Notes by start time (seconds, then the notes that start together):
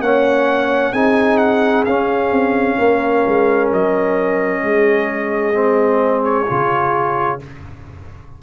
0.00 A#3 C#4 C#5 F#5
0.92 C4 D#4 G#4 G#5
1.38 F#5
1.85 C#4 F5
2.31 C4
2.79 A#3 A#4
3.26 G#3
3.72 F#3 D#5
4.62 G#3 G#4
5.54 C4
6.24 C#5
6.47 C#3 F4